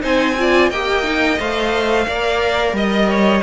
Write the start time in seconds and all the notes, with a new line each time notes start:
0.00 C4 D#4 C5 G#5
0.38 F4 D5
0.70 A#3 G4 D#5 G5
1.04 D#4
1.39 A3 C5 F5
2.06 A#3 A#4 D5
2.73 G3 D#5
3.09 C#5